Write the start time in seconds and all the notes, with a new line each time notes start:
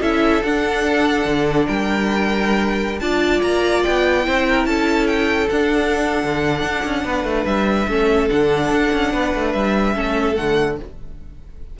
0.00 C#4 E4 A4 E5
0.43 D4 F#5
1.25 D3
1.66 G3 A#4 G5
2.99 D4 F4 D5 A5
3.42 A#3 A#5
3.83 B3 G5
4.23 C4 E4 C5
4.47 A#4
4.65 C#4 A4 A5
5.07 G5
5.49 D4 F#5
6.23 D3
6.63 D4
6.85 C#4
7.04 B3 B4
7.24 A3
7.45 G3 E5
7.88 A3 C#4 A4
8.29 D3 D4 F#5
8.71 D4
8.92 C#4
9.12 B3 B4
9.35 A3
9.53 G3 E5
9.94 A3 C#4 A4
10.35 D3 A3 F#5